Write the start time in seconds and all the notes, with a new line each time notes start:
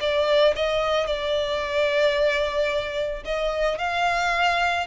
0.00 D5
0.56 D#5
1.07 D5
3.25 D#5
3.78 F5